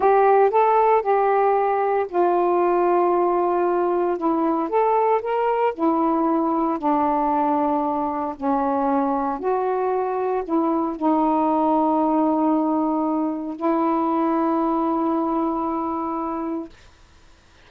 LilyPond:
\new Staff \with { instrumentName = "saxophone" } { \time 4/4 \tempo 4 = 115 g'4 a'4 g'2 | f'1 | e'4 a'4 ais'4 e'4~ | e'4 d'2. |
cis'2 fis'2 | e'4 dis'2.~ | dis'2 e'2~ | e'1 | }